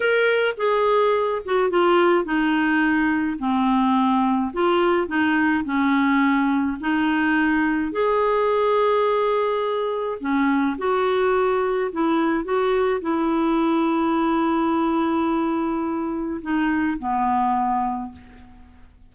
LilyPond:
\new Staff \with { instrumentName = "clarinet" } { \time 4/4 \tempo 4 = 106 ais'4 gis'4. fis'8 f'4 | dis'2 c'2 | f'4 dis'4 cis'2 | dis'2 gis'2~ |
gis'2 cis'4 fis'4~ | fis'4 e'4 fis'4 e'4~ | e'1~ | e'4 dis'4 b2 | }